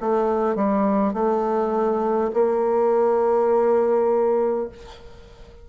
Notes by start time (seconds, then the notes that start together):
0.00 A3
0.55 G3
1.13 A3
2.33 A#3